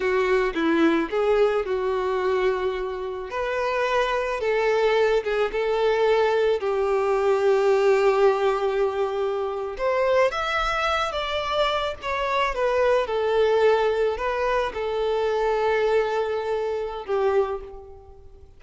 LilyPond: \new Staff \with { instrumentName = "violin" } { \time 4/4 \tempo 4 = 109 fis'4 e'4 gis'4 fis'4~ | fis'2 b'2 | a'4. gis'8 a'2 | g'1~ |
g'4.~ g'16 c''4 e''4~ e''16~ | e''16 d''4. cis''4 b'4 a'16~ | a'4.~ a'16 b'4 a'4~ a'16~ | a'2. g'4 | }